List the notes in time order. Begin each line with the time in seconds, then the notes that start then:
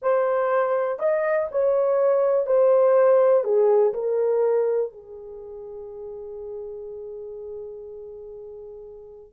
0.02 C5
0.99 D#5
1.51 C#5
2.46 C5
3.44 G#4
3.93 A#4
4.92 G#4